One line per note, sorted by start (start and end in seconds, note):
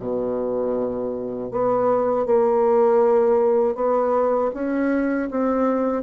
0.00 1.52 B2
1.52 2.26 B3
2.26 3.75 A#3
3.75 4.51 B3
4.54 5.30 C#4
5.31 6.03 C4